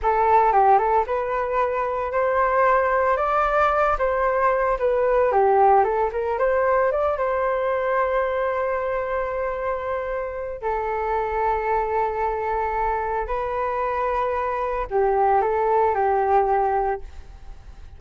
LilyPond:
\new Staff \with { instrumentName = "flute" } { \time 4/4 \tempo 4 = 113 a'4 g'8 a'8 b'2 | c''2 d''4. c''8~ | c''4 b'4 g'4 a'8 ais'8 | c''4 d''8 c''2~ c''8~ |
c''1 | a'1~ | a'4 b'2. | g'4 a'4 g'2 | }